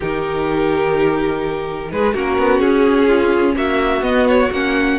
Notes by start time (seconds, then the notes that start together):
0.00 D#3 D#4 G4 A#4
1.91 G#3 G#4 B4
2.14 A#3 C#4 F#4 A#4
2.38 B3
2.60 C#4 G#4
3.07 F4
3.55 A#3 F#4 E5
4.01 B3 D#5
4.28 C#5
4.51 A#3 C#4 F#5